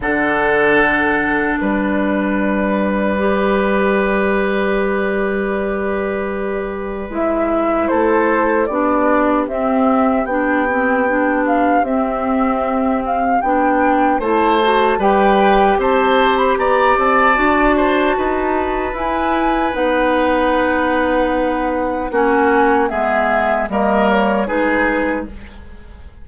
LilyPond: <<
  \new Staff \with { instrumentName = "flute" } { \time 4/4 \tempo 4 = 76 fis''2 d''2~ | d''1~ | d''4 e''4 c''4 d''4 | e''4 g''4. f''8 e''4~ |
e''8 f''8 g''4 a''4 g''4 | a''8. b''16 ais''8 a''2~ a''8 | gis''4 fis''2. | gis''4 e''4 dis''8 cis''8 b'4 | }
  \new Staff \with { instrumentName = "oboe" } { \time 4/4 a'2 b'2~ | b'1~ | b'2 a'4 g'4~ | g'1~ |
g'2 c''4 b'4 | c''4 d''4. c''8 b'4~ | b'1 | fis'4 gis'4 ais'4 gis'4 | }
  \new Staff \with { instrumentName = "clarinet" } { \time 4/4 d'1 | g'1~ | g'4 e'2 d'4 | c'4 d'8 c'8 d'4 c'4~ |
c'4 d'4 e'8 fis'8 g'4~ | g'2 fis'2 | e'4 dis'2. | cis'4 b4 ais4 dis'4 | }
  \new Staff \with { instrumentName = "bassoon" } { \time 4/4 d2 g2~ | g1~ | g4 gis4 a4 b4 | c'4 b2 c'4~ |
c'4 b4 a4 g4 | c'4 b8 c'8 d'4 dis'4 | e'4 b2. | ais4 gis4 g4 gis4 | }
>>